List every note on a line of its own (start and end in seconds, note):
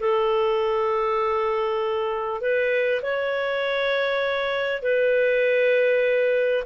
0.00 2.41 A4
2.41 3.02 B4
3.02 4.82 C#5
4.82 6.64 B4